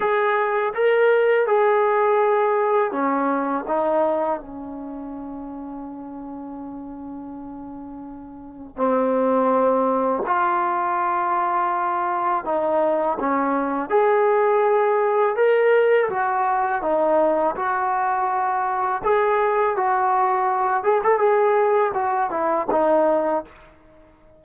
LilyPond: \new Staff \with { instrumentName = "trombone" } { \time 4/4 \tempo 4 = 82 gis'4 ais'4 gis'2 | cis'4 dis'4 cis'2~ | cis'1 | c'2 f'2~ |
f'4 dis'4 cis'4 gis'4~ | gis'4 ais'4 fis'4 dis'4 | fis'2 gis'4 fis'4~ | fis'8 gis'16 a'16 gis'4 fis'8 e'8 dis'4 | }